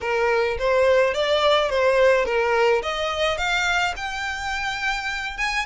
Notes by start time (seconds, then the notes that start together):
0.01 A#4
0.58 C5
1.14 D5
1.69 C5
2.25 A#4
2.82 D#5
3.37 F5
3.96 G5
5.37 G#5